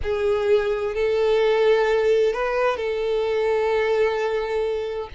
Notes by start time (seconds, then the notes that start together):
0.03 G#4
0.95 A4
2.33 B4
2.76 A4